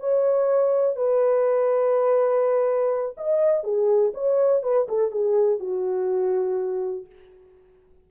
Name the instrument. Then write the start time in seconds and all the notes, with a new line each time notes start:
horn
0.00 C#5
0.96 B4
3.17 D#5
3.63 G#4
4.14 C#5
4.63 B4
4.88 A4
5.11 G#4
5.59 F#4